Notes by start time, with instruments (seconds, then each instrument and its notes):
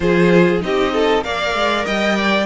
0.00 cello F3, viola F4, violin G#4 C5
0.60 cello C4, viola D#4, violin G4 D#5
0.93 violin A4
1.21 cello A#3, viola A#4, violin D5 F5
1.54 cello G#3
1.85 cello G3, violin D#5 G5
2.15 violin D5